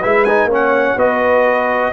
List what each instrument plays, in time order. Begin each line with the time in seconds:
0.00 tuba G#3, trombone E4, horn B4, trumpet E5
0.25 trombone D#4, trumpet G#5
0.45 tuba A#3, horn C#5
0.51 trombone C#4, trumpet F#5
0.96 tuba B3, trombone F#4, horn B4, trumpet D#5